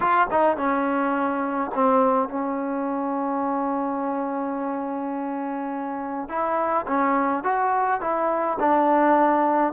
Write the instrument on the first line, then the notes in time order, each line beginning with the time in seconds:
trombone
0.00 F4
0.30 D#4
0.57 C#4
1.74 C4
2.29 C#4
6.29 E4
6.87 C#4
7.43 F#4
8.01 E4
8.59 D4